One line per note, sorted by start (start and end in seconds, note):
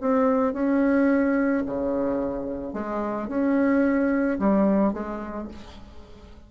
0.00 0.53 C4
0.53 1.63 C#4
1.66 2.73 C#3
2.73 3.28 G#3
3.28 4.38 C#4
4.39 4.93 G3
4.93 5.48 G#3